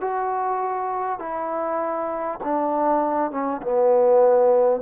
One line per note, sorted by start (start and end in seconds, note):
0.00 1.19 F#4
1.19 2.39 E4
2.44 3.31 D4
3.31 3.61 C#4
3.62 4.81 B3